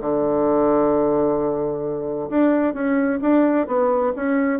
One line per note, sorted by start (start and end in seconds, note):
0.00 2.29 D3
2.29 2.73 D4
2.73 3.19 C#4
3.21 3.67 D4
3.67 4.12 B3
4.15 4.59 C#4